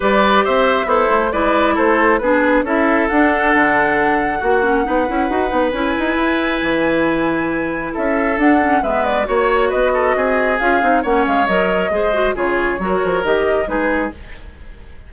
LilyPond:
<<
  \new Staff \with { instrumentName = "flute" } { \time 4/4 \tempo 4 = 136 d''4 e''4 c''4 d''4 | c''4 b'4 e''4 fis''4~ | fis''1~ | fis''4 gis''2.~ |
gis''2 e''4 fis''4 | e''8 d''8 cis''4 dis''2 | f''4 fis''8 f''8 dis''2 | cis''2 dis''4 b'4 | }
  \new Staff \with { instrumentName = "oboe" } { \time 4/4 b'4 c''4 e'4 b'4 | a'4 gis'4 a'2~ | a'2 fis'4 b'4~ | b'1~ |
b'2 a'2 | b'4 cis''4 b'8 a'8 gis'4~ | gis'4 cis''2 c''4 | gis'4 ais'2 gis'4 | }
  \new Staff \with { instrumentName = "clarinet" } { \time 4/4 g'2 a'4 e'4~ | e'4 d'4 e'4 d'4~ | d'2 fis'8 cis'8 dis'8 e'8 | fis'8 dis'8 e'2.~ |
e'2. d'8 cis'8 | b4 fis'2. | f'8 dis'8 cis'4 ais'4 gis'8 fis'8 | f'4 fis'4 g'4 dis'4 | }
  \new Staff \with { instrumentName = "bassoon" } { \time 4/4 g4 c'4 b8 a8 gis4 | a4 b4 cis'4 d'4 | d2 ais4 b8 cis'8 | dis'8 b8 cis'8 dis'8 e'4 e4~ |
e2 cis'4 d'4 | gis4 ais4 b4 c'4 | cis'8 c'8 ais8 gis8 fis4 gis4 | cis4 fis8 f8 dis4 gis4 | }
>>